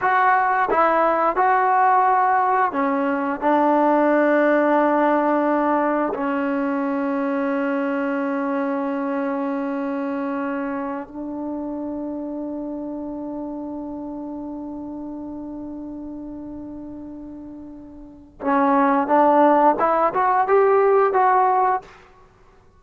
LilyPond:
\new Staff \with { instrumentName = "trombone" } { \time 4/4 \tempo 4 = 88 fis'4 e'4 fis'2 | cis'4 d'2.~ | d'4 cis'2.~ | cis'1~ |
cis'16 d'2.~ d'8.~ | d'1~ | d'2. cis'4 | d'4 e'8 fis'8 g'4 fis'4 | }